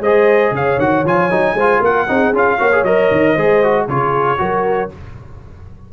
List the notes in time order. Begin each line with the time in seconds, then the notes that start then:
0.00 G#3 G#4 C5 D#5
0.51 C#3 C#5 F5
0.78 D#3 F#4 F#5
1.05 F3 F4 G#5
1.31 F#3 D#4
1.54 G#3 C5
1.60 F4
1.81 A#3 A#4 F#5
2.08 C4 D#4 G#4
2.33 C#4 F4 F5
2.58 A#3 F#4 C#5
2.73 G#4
2.83 F#3 A#4 D#5
3.11 D#3
3.33 G#3 G#4 C5
3.63 F#4
3.88 C#3 F4 G#4 C#5
4.38 F#3 F#4 A#4